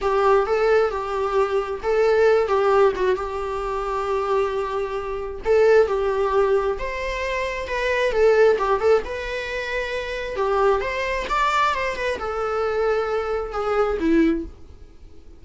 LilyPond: \new Staff \with { instrumentName = "viola" } { \time 4/4 \tempo 4 = 133 g'4 a'4 g'2 | a'4. g'4 fis'8 g'4~ | g'1 | a'4 g'2 c''4~ |
c''4 b'4 a'4 g'8 a'8 | b'2. g'4 | c''4 d''4 c''8 b'8 a'4~ | a'2 gis'4 e'4 | }